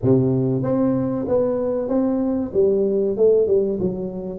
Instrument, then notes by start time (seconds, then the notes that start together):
tuba
0.02 C3
0.63 C4
1.28 B3
1.88 C4
2.53 G3
3.17 A3
3.47 G3
3.80 F#3